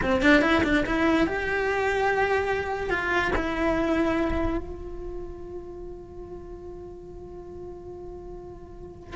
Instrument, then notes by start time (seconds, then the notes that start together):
cello
0.02 C4
0.22 D4
0.41 E4
0.63 D4
0.86 E4
1.26 G4
2.90 F4
3.35 E4
4.58 F4